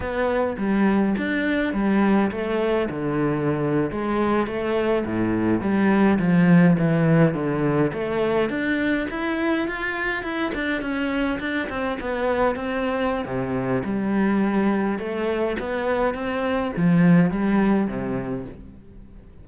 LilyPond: \new Staff \with { instrumentName = "cello" } { \time 4/4 \tempo 4 = 104 b4 g4 d'4 g4 | a4 d4.~ d16 gis4 a16~ | a8. a,4 g4 f4 e16~ | e8. d4 a4 d'4 e'16~ |
e'8. f'4 e'8 d'8 cis'4 d'16~ | d'16 c'8 b4 c'4~ c'16 c4 | g2 a4 b4 | c'4 f4 g4 c4 | }